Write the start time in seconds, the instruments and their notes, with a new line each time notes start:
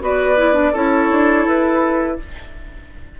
0.00 bassoon B3, clarinet F#4, oboe B4, flute D5
0.37 clarinet E4
0.53 clarinet D4
0.72 bassoon C#4, clarinet E4, oboe A4, flute C#5
1.11 bassoon D4
1.46 bassoon E4, flute B4